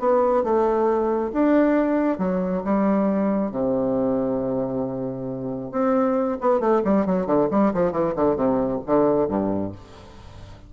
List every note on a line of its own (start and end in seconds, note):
0.00 0.44 B3
0.44 1.32 A3
1.33 2.19 D4
2.19 2.63 F#3
2.65 3.52 G3
3.52 5.72 C3
5.72 6.38 C4
6.41 6.60 B3
6.60 6.82 A3
6.85 7.07 G3
7.07 7.27 F#3
7.27 7.49 D3
7.51 7.73 G3
7.74 7.92 F3
7.92 8.14 E3
8.16 8.36 D3
8.36 8.81 C3
8.87 9.28 D3
9.28 9.72 G2